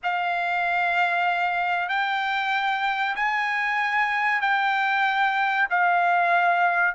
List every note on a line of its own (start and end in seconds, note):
0.03 1.89 F5
1.89 3.15 G5
3.15 4.41 G#5
4.41 5.67 G5
5.70 6.94 F5